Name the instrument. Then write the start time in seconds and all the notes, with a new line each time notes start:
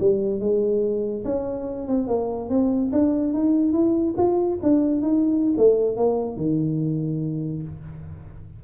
tuba
0.00 G3
0.40 G#3
1.25 C#4
1.88 C4
2.08 A#3
2.50 C4
2.93 D4
3.34 D#4
3.73 E4
4.18 F4
4.63 D4
5.02 D#4
5.58 A3
5.97 A#3
6.37 D#3